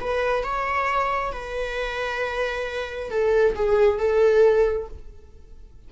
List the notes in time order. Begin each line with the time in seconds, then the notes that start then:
0.00 B4
0.43 C#5
1.32 B4
3.10 A4
3.55 G#4
3.98 A4